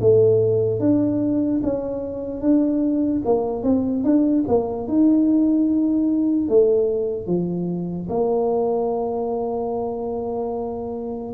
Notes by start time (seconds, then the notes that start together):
0.00 A3
0.80 D4
1.63 C#4
2.41 D4
3.25 A#3
3.63 C4
4.04 D4
4.47 A#3
4.88 D#4
6.48 A3
7.26 F3
8.09 A#3